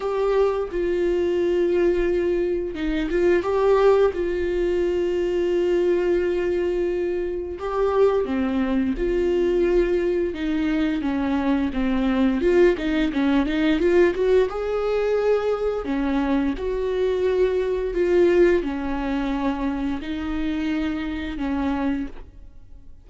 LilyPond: \new Staff \with { instrumentName = "viola" } { \time 4/4 \tempo 4 = 87 g'4 f'2. | dis'8 f'8 g'4 f'2~ | f'2. g'4 | c'4 f'2 dis'4 |
cis'4 c'4 f'8 dis'8 cis'8 dis'8 | f'8 fis'8 gis'2 cis'4 | fis'2 f'4 cis'4~ | cis'4 dis'2 cis'4 | }